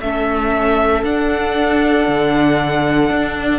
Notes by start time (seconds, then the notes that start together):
0.00 A3 C#4 A4 E5
1.03 D4 F#5
2.07 D3
3.10 D4